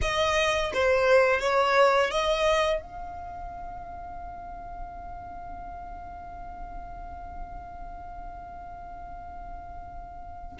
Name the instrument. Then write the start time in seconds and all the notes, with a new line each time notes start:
violin
0.01 D#5
0.73 C5
1.40 C#5
2.10 D#5
2.81 F5